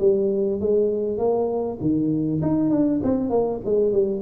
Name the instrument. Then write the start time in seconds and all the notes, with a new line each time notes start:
tuba
0.00 G3
0.61 G#3
1.18 A#3
1.81 D#3
2.42 D#4
2.71 D4
3.04 C4
3.30 A#3
3.65 G#3
3.93 G3